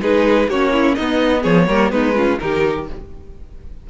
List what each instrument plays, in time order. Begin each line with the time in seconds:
0.00 cello G#3, viola D#4, violin G#4 B4
0.48 cello A#3, viola C#4, violin F#4 C#5
0.72 violin E4
0.94 cello B3, viola B3, violin D#4 D#5
1.41 cello F3, violin G#4 C#5
1.67 cello G3, viola A#3, violin A#4
1.90 cello G#3, viola B3, violin D#4 B4
2.15 viola C#4, violin F4
2.39 cello D#3, viola D#4, violin G4 A#4